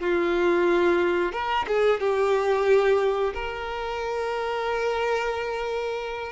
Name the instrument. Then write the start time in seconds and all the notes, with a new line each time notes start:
violin
0.00 F4
1.32 A#4
1.68 G#4
2.00 G4
3.34 A#4